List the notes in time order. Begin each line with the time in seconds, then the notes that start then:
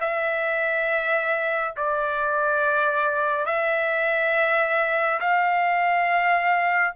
0.00 E5
1.76 D5
3.46 E5
5.20 F5